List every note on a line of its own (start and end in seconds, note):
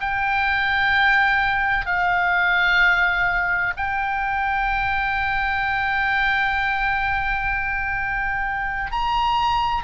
0.00 1.86 G5
1.86 3.73 F5
3.77 8.91 G5
8.91 9.84 A#5